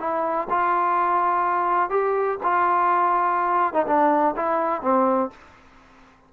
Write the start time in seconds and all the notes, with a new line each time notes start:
0.00 E4
0.50 F4
1.90 G4
2.44 F4
3.74 D#4
3.87 D4
4.37 E4
4.82 C4